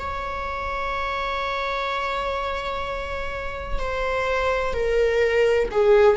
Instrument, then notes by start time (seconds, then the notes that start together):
viola
0.00 C#5
3.79 C5
4.74 A#4
5.72 G#4